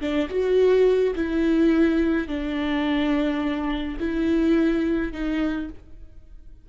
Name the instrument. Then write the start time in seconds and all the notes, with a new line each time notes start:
viola
0.00 D4
0.29 F#4
1.15 E4
2.27 D4
3.99 E4
5.12 D#4